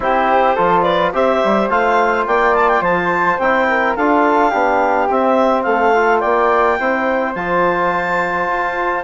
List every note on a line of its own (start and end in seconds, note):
0.00 0.56 C4
0.00 0.56 E4
0.00 0.55 G4
0.00 0.82 C5
0.55 1.13 F3
0.55 1.13 F4
0.55 0.83 A4
0.82 1.12 B4
0.82 1.10 D5
1.13 1.41 C4
1.13 1.69 G4
1.13 2.27 C5
1.13 1.69 E5
1.44 1.69 G3
1.69 2.26 A3
1.69 3.39 F4
1.69 2.26 F5
2.26 2.81 A#3
2.26 2.81 D5
2.26 2.54 G5
2.54 2.68 A5
2.68 2.82 G5
2.81 3.37 F3
2.81 3.66 C5
2.81 3.38 A5
3.38 3.95 C4
3.38 3.98 E4
3.38 3.95 G5
3.69 3.96 A#4
3.95 4.53 D4
3.95 4.51 F4
3.95 4.50 A4
3.95 5.08 F5
4.50 5.09 B3
4.50 5.08 D4
4.50 5.63 G4
5.09 5.66 C4
5.09 5.94 C4
5.09 5.62 E5
5.62 6.23 A3
5.62 6.20 A4
5.62 6.19 F5
5.94 6.79 F4
6.19 6.79 A#3
6.19 6.76 D5
6.19 7.33 G5
6.79 7.35 C4
6.79 7.35 E4
6.79 9.04 C5
7.35 8.48 F3
7.35 9.04 F4
7.35 9.04 A5
8.48 9.04 F4